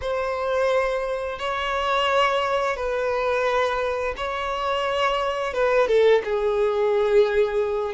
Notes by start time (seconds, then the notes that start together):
0.01 C5
1.38 C#5
2.76 B4
4.16 C#5
5.53 B4
5.87 A4
6.24 G#4